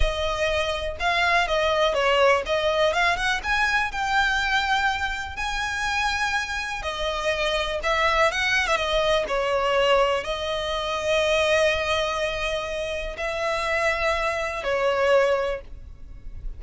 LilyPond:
\new Staff \with { instrumentName = "violin" } { \time 4/4 \tempo 4 = 123 dis''2 f''4 dis''4 | cis''4 dis''4 f''8 fis''8 gis''4 | g''2. gis''4~ | gis''2 dis''2 |
e''4 fis''8. e''16 dis''4 cis''4~ | cis''4 dis''2.~ | dis''2. e''4~ | e''2 cis''2 | }